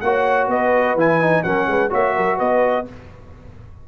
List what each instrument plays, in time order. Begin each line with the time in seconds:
0.00 tuba A#3, trombone F#4, horn C#5, trumpet F#5
0.48 tuba B3, horn B4, trumpet D#5
0.95 tuba E3, trombone E4, trumpet G#5
1.21 trombone D#4
1.43 tuba F#3, trombone C#4, horn A#4, trumpet F#5
1.67 tuba G#3, horn B4
1.90 tuba A#3, trombone F#4, horn C#5, trumpet E5
2.16 tuba F#3, horn A#4
2.37 tuba B3, horn B4, trumpet D#5